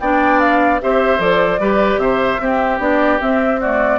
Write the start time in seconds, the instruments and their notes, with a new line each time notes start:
0.00 bassoon B3, clarinet D4, oboe D5, flute G5
0.40 flute F5
0.81 bassoon C4, clarinet G4, oboe C5, flute E5
1.18 bassoon F3, clarinet A4, flute D5
1.59 bassoon G3, clarinet G4, oboe B4
1.97 bassoon C3, oboe C5, flute E5
2.40 clarinet C4, bassoon C4, oboe G4
2.79 bassoon B3, clarinet D4, flute D5
3.19 clarinet C4, bassoon C4, flute E5
3.60 clarinet A3, oboe F#4, flute D5